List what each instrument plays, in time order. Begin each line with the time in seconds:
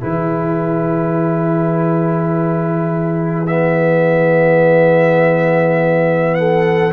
0.00 tuba E3, trombone E4, horn G#4, trumpet B4
3.46 trombone B3, trumpet E5
6.34 horn A4, trumpet F#5